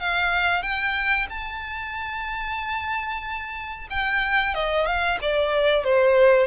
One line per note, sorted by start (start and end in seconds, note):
0.00 0.62 F5
0.62 1.27 G5
1.30 3.88 A5
3.90 4.54 G5
4.55 4.86 D#5
4.86 5.18 F5
5.22 5.84 D5
5.84 6.47 C5